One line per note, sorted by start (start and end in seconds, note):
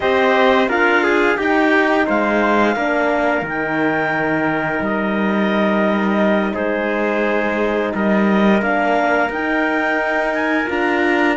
0.00 0.68 C4
0.00 0.68 G4
0.00 0.69 C5
0.00 0.69 D#5
0.68 1.37 D4
0.68 1.37 F4
0.68 1.03 A#4
0.68 1.38 F5
1.03 1.36 G#4
1.36 2.07 D#4
1.36 2.76 D#4
1.36 2.05 G4
1.36 2.07 G5
2.06 2.76 G#3
2.06 2.75 C5
2.06 3.46 F5
2.75 3.41 A#3
2.75 3.45 D4
2.75 6.54 A#4
3.41 4.79 D#3
3.41 8.61 D#4
3.48 4.84 G5
4.80 6.53 G3
4.80 6.55 D#5
6.54 7.93 G#3
6.54 7.92 G#4
6.54 7.93 C5
7.94 8.61 G3
7.94 11.36 A#4
7.94 8.62 D#5
8.61 9.29 A#3
8.61 9.30 D4
8.61 9.31 F5
9.29 10.67 D#4
9.29 10.33 G5
10.33 10.68 G#5
10.67 11.36 D4
10.67 11.35 F4
10.67 11.36 A#5